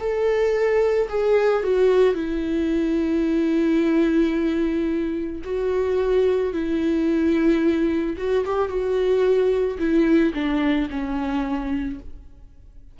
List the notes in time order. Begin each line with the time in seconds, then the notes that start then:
0.00 A4
1.09 G#4
1.64 F#4
2.15 E4
5.44 F#4
6.53 E4
8.18 F#4
8.46 G4
8.69 F#4
9.79 E4
10.34 D4
10.90 C#4